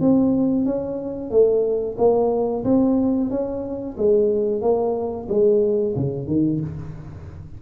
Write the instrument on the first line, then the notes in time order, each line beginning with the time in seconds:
tuba
0.00 C4
0.65 C#4
1.30 A3
1.98 A#3
2.64 C4
3.30 C#4
3.97 G#3
4.61 A#3
5.29 G#3
5.96 C#3
6.27 D#3